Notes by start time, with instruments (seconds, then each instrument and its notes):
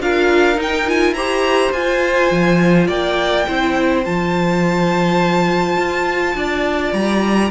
0.00 cello D4, viola F4, violin A#4 F5
0.55 viola D#4, cello D#4
0.62 violin G5
0.87 viola F4, violin G#5
1.12 cello E4, viola G4, violin C5 A#5
1.72 cello F4, viola F4, violin G#5
2.31 cello F3
2.87 cello A#3, violin D5 G5
3.47 cello C4, viola E4, violin C5
4.05 cello F3, viola F4, violin A5
5.77 cello F4
6.35 cello D4, violin D5
6.93 cello G3, violin A#5